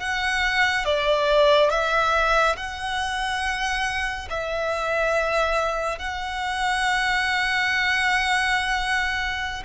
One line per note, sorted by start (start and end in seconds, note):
0.00 0.85 F#5
0.85 1.70 D5
1.70 2.56 E5
2.57 4.29 F#5
4.30 5.99 E5
5.99 9.63 F#5